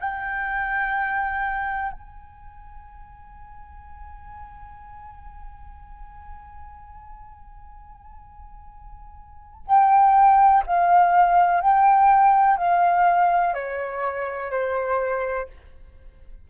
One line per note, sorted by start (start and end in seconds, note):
0.00 1.92 G5
1.92 9.66 G#5
9.67 10.64 G5
10.66 11.60 F5
11.60 12.57 G5
12.57 13.54 F5
13.54 14.51 C#5
14.51 15.48 C5